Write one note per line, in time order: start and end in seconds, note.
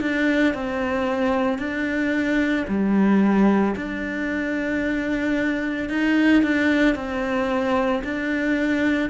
0.00 0.54 D4
0.54 1.58 C4
1.58 2.65 D4
2.67 3.75 G3
3.75 5.89 D4
5.89 6.42 D#4
6.42 6.95 D4
6.95 8.02 C4
8.04 9.09 D4